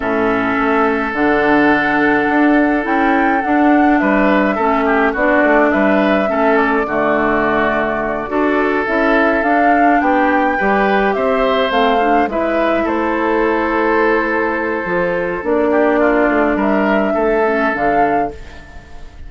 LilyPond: <<
  \new Staff \with { instrumentName = "flute" } { \time 4/4 \tempo 4 = 105 e''2 fis''2~ | fis''4 g''4 fis''4 e''4~ | e''4 d''4 e''4. d''8~ | d''2.~ d''8 e''8~ |
e''8 f''4 g''2 e''8~ | e''8 f''4 e''4 c''4.~ | c''2. d''4~ | d''4 e''2 f''4 | }
  \new Staff \with { instrumentName = "oboe" } { \time 4/4 a'1~ | a'2. b'4 | a'8 g'8 fis'4 b'4 a'4 | fis'2~ fis'8 a'4.~ |
a'4. g'4 b'4 c''8~ | c''4. b'4 a'4.~ | a'2.~ a'8 g'8 | f'4 ais'4 a'2 | }
  \new Staff \with { instrumentName = "clarinet" } { \time 4/4 cis'2 d'2~ | d'4 e'4 d'2 | cis'4 d'2 cis'4 | a2~ a8 fis'4 e'8~ |
e'8 d'2 g'4.~ | g'8 c'8 d'8 e'2~ e'8~ | e'2 f'4 d'4~ | d'2~ d'8 cis'8 d'4 | }
  \new Staff \with { instrumentName = "bassoon" } { \time 4/4 a,4 a4 d2 | d'4 cis'4 d'4 g4 | a4 b8 a8 g4 a4 | d2~ d8 d'4 cis'8~ |
cis'8 d'4 b4 g4 c'8~ | c'8 a4 gis4 a4.~ | a2 f4 ais4~ | ais8 a8 g4 a4 d4 | }
>>